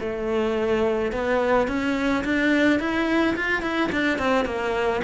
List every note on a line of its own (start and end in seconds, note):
0.00 1.12 A3
1.12 1.68 B3
1.68 2.24 C#4
2.25 2.80 D4
2.80 3.36 E4
3.36 3.62 F4
3.62 3.90 E4
3.92 4.19 D4
4.19 4.45 C4
4.45 5.01 A#3